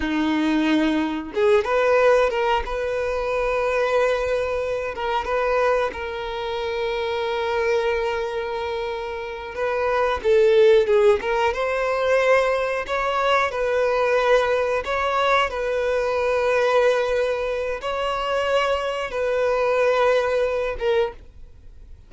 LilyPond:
\new Staff \with { instrumentName = "violin" } { \time 4/4 \tempo 4 = 91 dis'2 gis'8 b'4 ais'8 | b'2.~ b'8 ais'8 | b'4 ais'2.~ | ais'2~ ais'8 b'4 a'8~ |
a'8 gis'8 ais'8 c''2 cis''8~ | cis''8 b'2 cis''4 b'8~ | b'2. cis''4~ | cis''4 b'2~ b'8 ais'8 | }